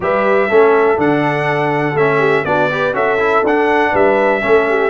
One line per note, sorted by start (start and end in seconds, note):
0.00 0.48 G3
0.00 0.49 G4
0.00 0.49 B4
0.00 0.99 E5
0.49 0.97 A3
0.49 0.97 C#4
0.49 2.19 A4
0.97 1.94 D3
0.97 1.95 D4
0.97 1.96 F#5
1.94 2.43 A3
1.94 2.46 C#4
1.94 2.45 E5
2.19 2.43 G4
2.44 2.92 B3
2.44 2.70 D4
2.44 2.71 F#4
2.44 2.94 D5
2.71 2.93 G4
2.71 2.95 B4
2.92 3.41 C#4
2.92 3.18 F#4
2.92 3.91 A4
2.92 3.44 E5
3.18 3.43 E4
3.43 3.92 D4
3.43 4.41 D4
3.43 3.95 F#5
3.91 4.43 G3
3.91 4.40 B4
3.91 4.90 E5
4.41 4.90 A3
4.41 4.90 C#4
4.41 4.69 A4
4.69 4.90 G4